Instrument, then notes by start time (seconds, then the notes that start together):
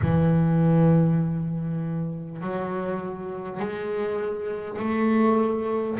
double bass
0.01 E3
2.41 F#3
3.59 G#3
4.79 A3